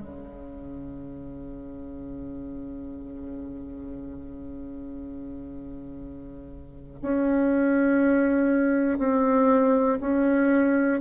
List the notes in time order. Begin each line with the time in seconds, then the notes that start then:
0.00 C#3
7.02 C#4
8.99 C4
10.00 C#4